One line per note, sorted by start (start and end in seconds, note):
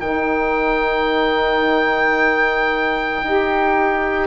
0.00 3.22 D#3
0.00 3.25 D#4
0.00 4.27 A#4
0.00 4.27 G5
3.23 4.27 D#4
3.23 4.27 G4